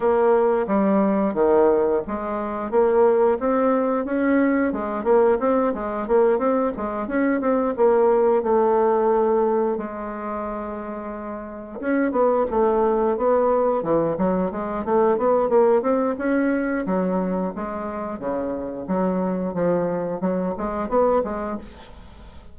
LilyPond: \new Staff \with { instrumentName = "bassoon" } { \time 4/4 \tempo 4 = 89 ais4 g4 dis4 gis4 | ais4 c'4 cis'4 gis8 ais8 | c'8 gis8 ais8 c'8 gis8 cis'8 c'8 ais8~ | ais8 a2 gis4.~ |
gis4. cis'8 b8 a4 b8~ | b8 e8 fis8 gis8 a8 b8 ais8 c'8 | cis'4 fis4 gis4 cis4 | fis4 f4 fis8 gis8 b8 gis8 | }